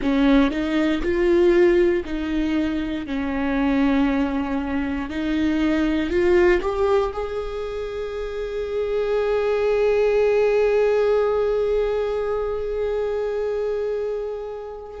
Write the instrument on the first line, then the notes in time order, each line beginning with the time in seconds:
viola
0.01 C#4
0.50 D#4
1.02 F4
2.04 D#4
3.06 C#4
5.09 D#4
6.10 F4
6.61 G4
7.12 G#4